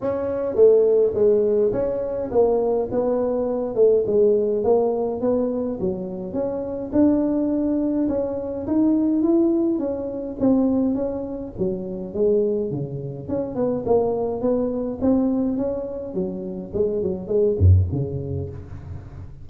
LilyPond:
\new Staff \with { instrumentName = "tuba" } { \time 4/4 \tempo 4 = 104 cis'4 a4 gis4 cis'4 | ais4 b4. a8 gis4 | ais4 b4 fis4 cis'4 | d'2 cis'4 dis'4 |
e'4 cis'4 c'4 cis'4 | fis4 gis4 cis4 cis'8 b8 | ais4 b4 c'4 cis'4 | fis4 gis8 fis8 gis8 fis,8 cis4 | }